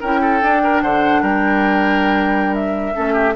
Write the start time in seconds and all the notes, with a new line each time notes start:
0.00 C#4 E4 A#4 G5
0.21 A4
0.42 D4
0.63 A#4
0.82 D3 C5 F#5
1.22 G3 A#4 G5
2.54 E5
2.94 A3 C#4 A4
3.13 G4